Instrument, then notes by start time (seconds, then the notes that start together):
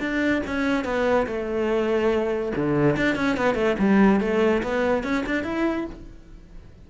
cello
0.00 D4
0.47 C#4
0.85 B3
1.27 A3
2.56 D3
2.96 D4
3.16 C#4
3.37 B3
3.55 A3
3.79 G3
4.21 A3
4.63 B3
5.03 C#4
5.26 D4
5.44 E4